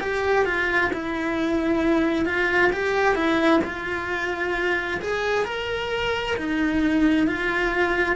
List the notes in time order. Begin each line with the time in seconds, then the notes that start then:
0.00 G4
0.45 F4
0.93 E4
2.25 F4
2.72 G4
3.15 E4
3.64 F4
5.01 G#4
5.45 A#4
6.36 D#4
7.27 F4